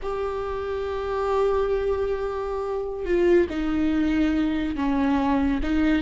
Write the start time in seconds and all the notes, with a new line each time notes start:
0.02 G4
3.05 F4
3.49 D#4
4.76 C#4
5.62 D#4